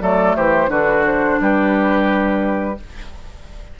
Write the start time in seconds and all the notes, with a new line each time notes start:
0.00 F#3 A3 A4 D5
0.36 E3 G4 C5
0.68 D3 D4 F#4 B4
1.07 C5
1.41 G3 G4 B4